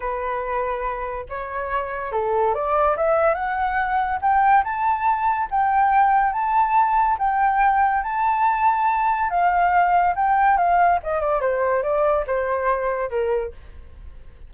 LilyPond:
\new Staff \with { instrumentName = "flute" } { \time 4/4 \tempo 4 = 142 b'2. cis''4~ | cis''4 a'4 d''4 e''4 | fis''2 g''4 a''4~ | a''4 g''2 a''4~ |
a''4 g''2 a''4~ | a''2 f''2 | g''4 f''4 dis''8 d''8 c''4 | d''4 c''2 ais'4 | }